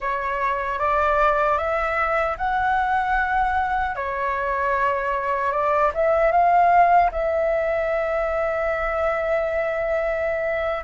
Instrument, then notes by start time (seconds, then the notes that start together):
flute
0.00 C#5
0.79 D5
1.58 E5
2.37 F#5
3.95 C#5
5.52 D5
5.94 E5
6.31 F5
7.11 E5